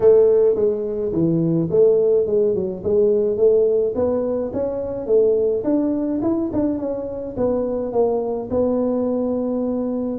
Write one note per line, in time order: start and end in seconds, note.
0.00 0.55 A3
0.55 1.12 G#3
1.12 1.69 E3
1.70 2.26 A3
2.26 2.54 G#3
2.54 2.83 F#3
2.83 3.37 G#3
3.37 3.93 A3
3.95 4.51 B3
4.53 5.06 C#4
5.06 5.63 A3
5.64 6.20 D4
6.22 6.50 E4
6.52 6.78 D4
6.78 7.35 C#4
7.36 7.92 B3
7.92 8.49 A#3
8.50 10.18 B3